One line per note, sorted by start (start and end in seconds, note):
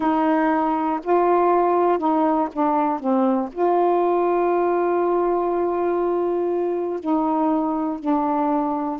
0.00 1.00 D#4
1.03 1.98 F4
1.98 2.48 D#4
2.52 3.00 D4
3.00 3.50 C4
3.52 6.99 F4
6.99 7.99 D#4
7.99 8.99 D4